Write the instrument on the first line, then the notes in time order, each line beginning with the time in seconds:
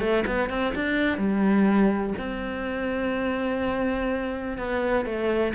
cello
0.00 A3
0.26 B3
0.49 C4
0.75 D4
1.18 G3
2.18 C4
4.58 B3
5.05 A3